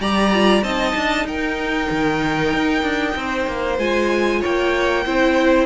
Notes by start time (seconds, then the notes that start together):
0.00 G3 G4 D5 A#5
0.34 F4
0.62 C4 D#4 D#5 A5
0.96 D4
1.25 D#4 A#4 G5
1.90 D#3
2.53 D#4
2.83 D4
3.16 C4 C5
3.47 A#3
3.78 G#3 F4 G#5
4.40 A#3 C#5 G5
5.06 C4 E4 C5